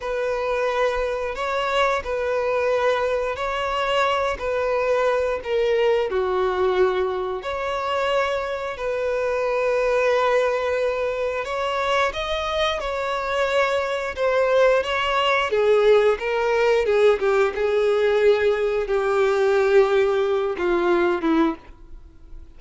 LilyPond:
\new Staff \with { instrumentName = "violin" } { \time 4/4 \tempo 4 = 89 b'2 cis''4 b'4~ | b'4 cis''4. b'4. | ais'4 fis'2 cis''4~ | cis''4 b'2.~ |
b'4 cis''4 dis''4 cis''4~ | cis''4 c''4 cis''4 gis'4 | ais'4 gis'8 g'8 gis'2 | g'2~ g'8 f'4 e'8 | }